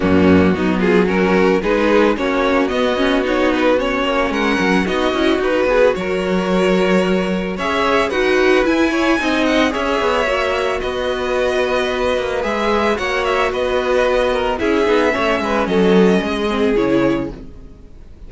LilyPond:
<<
  \new Staff \with { instrumentName = "violin" } { \time 4/4 \tempo 4 = 111 fis'4. gis'8 ais'4 b'4 | cis''4 dis''4 cis''8 b'8 cis''4 | fis''4 dis''4 b'4 cis''4~ | cis''2 e''4 fis''4 |
gis''4. fis''8 e''2 | dis''2. e''4 | fis''8 e''8 dis''2 e''4~ | e''4 dis''2 cis''4 | }
  \new Staff \with { instrumentName = "violin" } { \time 4/4 cis'4 dis'8 f'8 fis'4 gis'4 | fis'1 | ais'4 fis'4. gis'8 ais'4~ | ais'2 cis''4 b'4~ |
b'8 cis''8 dis''4 cis''2 | b'1 | cis''4 b'4. ais'8 gis'4 | cis''8 b'8 a'4 gis'2 | }
  \new Staff \with { instrumentName = "viola" } { \time 4/4 ais4 b4 cis'4 dis'4 | cis'4 b8 cis'8 dis'4 cis'4~ | cis'4 dis'8 e'8 fis'2~ | fis'2 gis'4 fis'4 |
e'4 dis'4 gis'4 fis'4~ | fis'2. gis'4 | fis'2. e'8 dis'8 | cis'2~ cis'8 c'8 e'4 | }
  \new Staff \with { instrumentName = "cello" } { \time 4/4 fis,4 fis2 gis4 | ais4 b2~ b8 ais8 | gis8 fis8 b8 cis'8 dis'8 b8 fis4~ | fis2 cis'4 dis'4 |
e'4 c'4 cis'8 b8 ais4 | b2~ b8 ais8 gis4 | ais4 b2 cis'8 b8 | a8 gis8 fis4 gis4 cis4 | }
>>